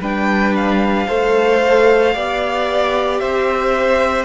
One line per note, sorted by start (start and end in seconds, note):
0.00 1.07 G3
0.00 1.08 D4
0.00 1.07 B4
0.00 0.55 G5
0.55 3.19 F5
1.07 2.15 A3
1.07 2.14 A4
1.07 2.14 C5
2.14 3.22 B3
2.14 4.25 G4
2.14 3.21 D5
3.19 4.25 C4
3.19 4.25 C5
3.19 4.25 E5